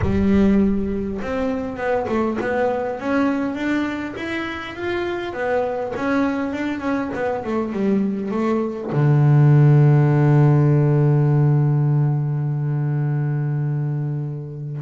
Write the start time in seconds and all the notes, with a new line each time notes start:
0.01 G3
1.22 C4
1.76 B3
2.08 A3
2.41 B3
2.99 C#4
3.55 D4
4.16 E4
4.75 F4
5.33 B3
5.95 C#4
6.52 D4
6.80 C#4
7.14 B3
7.44 A3
7.72 G3
8.31 A3
8.92 D3